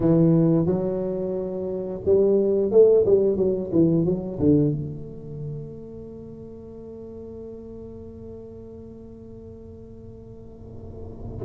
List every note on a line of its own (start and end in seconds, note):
0.00 0.66 E3
0.66 2.00 F#3
2.05 2.71 G3
2.71 3.04 A3
3.05 3.36 G3
3.36 3.70 F#3
3.72 4.05 E3
4.05 4.39 F#3
4.39 4.71 D3
4.71 11.45 A3